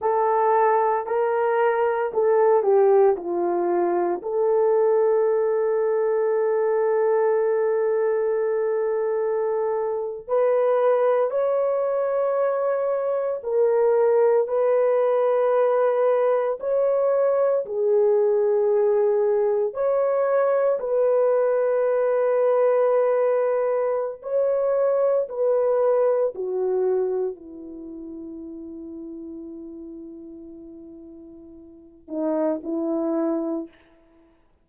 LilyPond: \new Staff \with { instrumentName = "horn" } { \time 4/4 \tempo 4 = 57 a'4 ais'4 a'8 g'8 f'4 | a'1~ | a'4.~ a'16 b'4 cis''4~ cis''16~ | cis''8. ais'4 b'2 cis''16~ |
cis''8. gis'2 cis''4 b'16~ | b'2. cis''4 | b'4 fis'4 e'2~ | e'2~ e'8 dis'8 e'4 | }